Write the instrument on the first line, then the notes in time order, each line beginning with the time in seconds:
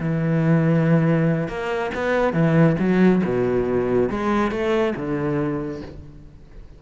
cello
0.00 E3
1.48 A#3
1.94 B3
2.33 E3
2.79 F#3
3.24 B2
4.09 G#3
4.51 A3
4.96 D3